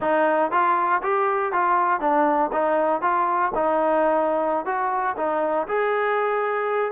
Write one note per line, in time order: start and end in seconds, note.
0.00 0.51 D#4
0.51 1.01 F4
1.02 1.52 G4
1.52 2.00 F4
2.00 2.50 D4
2.52 3.01 D#4
3.01 3.52 F4
3.54 4.65 D#4
4.65 5.15 F#4
5.16 5.67 D#4
5.67 6.91 G#4